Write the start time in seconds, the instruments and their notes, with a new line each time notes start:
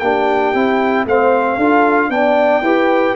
0.00 tuba A#3, trombone D4, horn G4, trumpet G5
0.55 tuba C4, trombone E4
1.06 tuba A3, trombone C4, horn C5, trumpet F5
1.56 tuba D4, trombone F4, horn A4
2.10 tuba B3, trombone D4, horn D5, trumpet G5
2.62 tuba E4, trombone G4, horn B4